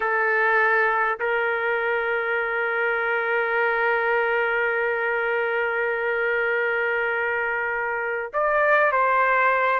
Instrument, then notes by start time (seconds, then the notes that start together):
trumpet
0.00 A4
1.19 A#4
8.33 D5
8.92 C5